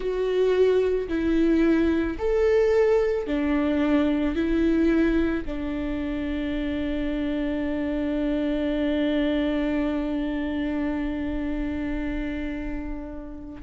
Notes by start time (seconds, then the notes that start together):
0.00 F#4
1.08 E4
2.18 A4
3.27 D4
4.35 E4
5.45 D4